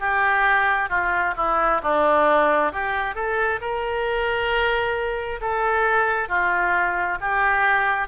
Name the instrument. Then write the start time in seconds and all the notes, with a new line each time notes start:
oboe
0.00 G4
0.90 F4
1.37 E4
1.83 D4
2.72 G4
3.15 A4
3.61 A#4
5.41 A4
6.28 F4
7.21 G4